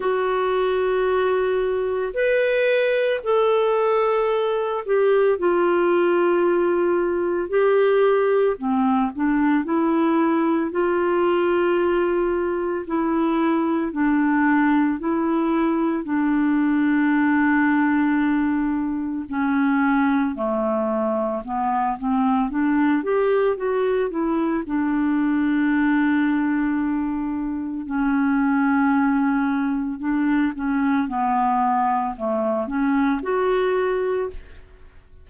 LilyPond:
\new Staff \with { instrumentName = "clarinet" } { \time 4/4 \tempo 4 = 56 fis'2 b'4 a'4~ | a'8 g'8 f'2 g'4 | c'8 d'8 e'4 f'2 | e'4 d'4 e'4 d'4~ |
d'2 cis'4 a4 | b8 c'8 d'8 g'8 fis'8 e'8 d'4~ | d'2 cis'2 | d'8 cis'8 b4 a8 cis'8 fis'4 | }